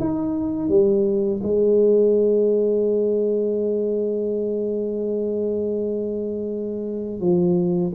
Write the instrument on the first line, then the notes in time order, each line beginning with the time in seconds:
tuba
0.00 D#4
0.69 G3
1.43 G#3
7.20 F3